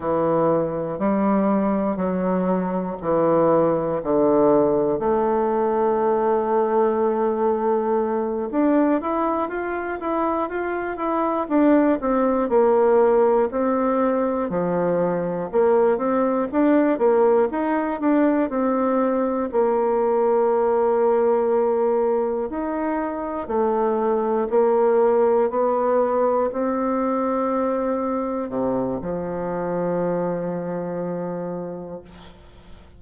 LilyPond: \new Staff \with { instrumentName = "bassoon" } { \time 4/4 \tempo 4 = 60 e4 g4 fis4 e4 | d4 a2.~ | a8 d'8 e'8 f'8 e'8 f'8 e'8 d'8 | c'8 ais4 c'4 f4 ais8 |
c'8 d'8 ais8 dis'8 d'8 c'4 ais8~ | ais2~ ais8 dis'4 a8~ | a8 ais4 b4 c'4.~ | c'8 c8 f2. | }